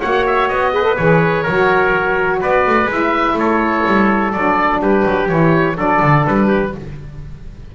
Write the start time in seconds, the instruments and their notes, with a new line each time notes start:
0.00 double bass A#3, saxophone F#4, trumpet C#5, oboe F#5
0.26 oboe E5
0.48 double bass B3, oboe D#5
0.74 saxophone G#4, trumpet B4
0.83 saxophone A4
0.96 double bass E3, saxophone G#4, oboe C#5
1.43 double bass F#3, saxophone F#4, trumpet A#4
2.40 double bass B3, trumpet B4, oboe D5
2.66 double bass A3
2.85 double bass G#3, saxophone E4
2.91 oboe E5
3.34 double bass A3, trumpet A4, oboe C#5
3.86 double bass G3
4.32 double bass F#3, saxophone D4, oboe D5
4.79 double bass G3, trumpet G4, oboe B4
5.05 double bass F#3
5.28 double bass E3, saxophone E4, oboe C#5
5.75 double bass F#3, saxophone D4, trumpet A4, oboe D5
6.01 double bass D3
6.26 double bass G3, oboe B4
6.47 trumpet G4